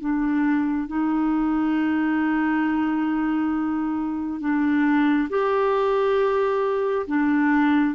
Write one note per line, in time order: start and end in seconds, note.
0.00 0.87 D4
0.87 4.40 D#4
4.40 5.28 D4
5.29 7.06 G4
7.07 7.95 D4